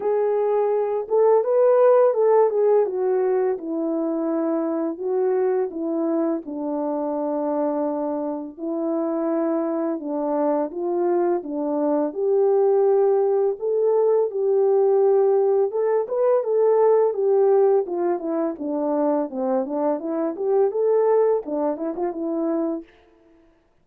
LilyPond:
\new Staff \with { instrumentName = "horn" } { \time 4/4 \tempo 4 = 84 gis'4. a'8 b'4 a'8 gis'8 | fis'4 e'2 fis'4 | e'4 d'2. | e'2 d'4 f'4 |
d'4 g'2 a'4 | g'2 a'8 b'8 a'4 | g'4 f'8 e'8 d'4 c'8 d'8 | e'8 g'8 a'4 d'8 e'16 f'16 e'4 | }